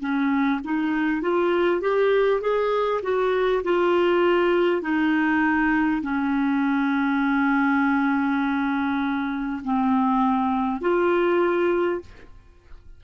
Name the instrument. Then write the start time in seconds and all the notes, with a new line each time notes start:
clarinet
0.00 C#4
0.64 D#4
1.22 F4
1.81 G4
2.41 G#4
3.03 F#4
3.63 F4
4.82 D#4
6.02 C#4
9.64 C4
10.81 F4